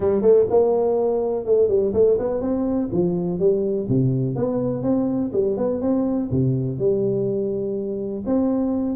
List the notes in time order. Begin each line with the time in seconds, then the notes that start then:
0.00 G3
0.21 A3
0.50 A#3
1.45 A3
1.68 G3
1.93 A3
2.18 B3
2.41 C4
2.92 F3
3.39 G3
3.88 C3
4.35 B3
4.83 C4
5.32 G3
5.57 B3
5.81 C4
6.31 C3
6.78 G3
8.26 C4